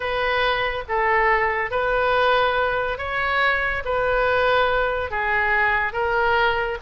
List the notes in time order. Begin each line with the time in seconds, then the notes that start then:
0.00 B4
0.88 A4
1.70 B4
2.98 C#5
3.84 B4
5.11 G#4
5.92 A#4